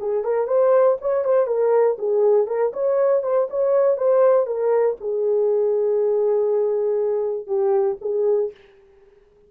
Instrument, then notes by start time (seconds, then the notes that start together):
horn
0.00 G#4
0.24 A#4
0.47 C5
1.01 C#5
1.25 C5
1.47 A#4
1.99 G#4
2.47 A#4
2.73 C#5
3.23 C5
3.50 C#5
3.97 C5
4.47 A#4
5.01 G#4
7.47 G4
8.01 G#4